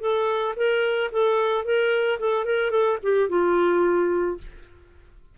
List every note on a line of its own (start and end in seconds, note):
0.00 0.55 A4
0.56 1.11 A#4
1.12 1.65 A4
1.65 2.19 A#4
2.19 2.45 A4
2.45 2.70 A#4
2.70 2.98 A4
3.03 3.29 G4
3.29 4.38 F4